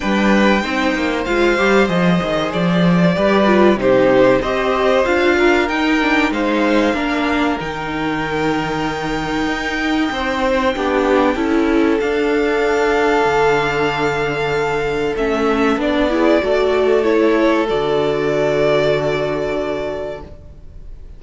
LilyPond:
<<
  \new Staff \with { instrumentName = "violin" } { \time 4/4 \tempo 4 = 95 g''2 f''4 dis''4 | d''2 c''4 dis''4 | f''4 g''4 f''2 | g''1~ |
g''2. f''4~ | f''1 | e''4 d''2 cis''4 | d''1 | }
  \new Staff \with { instrumentName = "violin" } { \time 4/4 b'4 c''2.~ | c''4 b'4 g'4 c''4~ | c''8 ais'4. c''4 ais'4~ | ais'1 |
c''4 g'4 a'2~ | a'1~ | a'4. gis'8 a'2~ | a'1 | }
  \new Staff \with { instrumentName = "viola" } { \time 4/4 d'4 dis'4 f'8 g'8 gis'4~ | gis'4 g'8 f'8 dis'4 g'4 | f'4 dis'8 d'8 dis'4 d'4 | dis'1~ |
dis'4 d'4 e'4 d'4~ | d'1 | cis'4 d'8 e'8 fis'4 e'4 | fis'1 | }
  \new Staff \with { instrumentName = "cello" } { \time 4/4 g4 c'8 ais8 gis8 g8 f8 dis8 | f4 g4 c4 c'4 | d'4 dis'4 gis4 ais4 | dis2. dis'4 |
c'4 b4 cis'4 d'4~ | d'4 d2. | a4 b4 a2 | d1 | }
>>